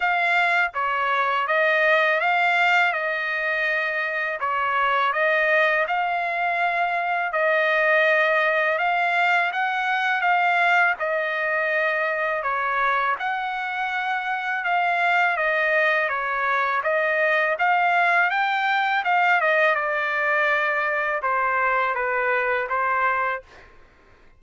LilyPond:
\new Staff \with { instrumentName = "trumpet" } { \time 4/4 \tempo 4 = 82 f''4 cis''4 dis''4 f''4 | dis''2 cis''4 dis''4 | f''2 dis''2 | f''4 fis''4 f''4 dis''4~ |
dis''4 cis''4 fis''2 | f''4 dis''4 cis''4 dis''4 | f''4 g''4 f''8 dis''8 d''4~ | d''4 c''4 b'4 c''4 | }